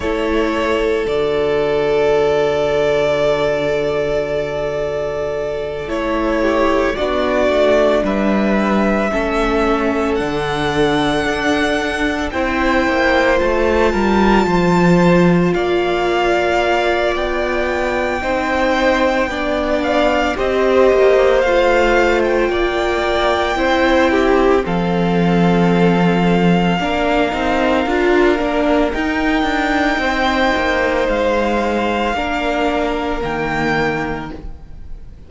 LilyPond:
<<
  \new Staff \with { instrumentName = "violin" } { \time 4/4 \tempo 4 = 56 cis''4 d''2.~ | d''4. cis''4 d''4 e''8~ | e''4. fis''2 g''8~ | g''8 a''2 f''4. |
g''2~ g''8 f''8 dis''4 | f''8. g''2~ g''16 f''4~ | f''2. g''4~ | g''4 f''2 g''4 | }
  \new Staff \with { instrumentName = "violin" } { \time 4/4 a'1~ | a'2 g'8 fis'4 b'8~ | b'8 a'2. c''8~ | c''4 ais'8 c''4 d''4.~ |
d''4 c''4 d''4 c''4~ | c''4 d''4 c''8 g'8 a'4~ | a'4 ais'2. | c''2 ais'2 | }
  \new Staff \with { instrumentName = "viola" } { \time 4/4 e'4 fis'2.~ | fis'4. e'4 d'4.~ | d'8 cis'4 d'2 e'8~ | e'8 f'2.~ f'8~ |
f'4 dis'4 d'4 g'4 | f'2 e'4 c'4~ | c'4 d'8 dis'8 f'8 d'8 dis'4~ | dis'2 d'4 ais4 | }
  \new Staff \with { instrumentName = "cello" } { \time 4/4 a4 d2.~ | d4. a4 b8 a8 g8~ | g8 a4 d4 d'4 c'8 | ais8 a8 g8 f4 ais4. |
b4 c'4 b4 c'8 ais8 | a4 ais4 c'4 f4~ | f4 ais8 c'8 d'8 ais8 dis'8 d'8 | c'8 ais8 gis4 ais4 dis4 | }
>>